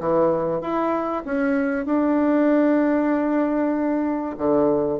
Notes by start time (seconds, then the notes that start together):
0.00 E3
0.61 E4
1.25 C#4
1.86 D4
4.38 D3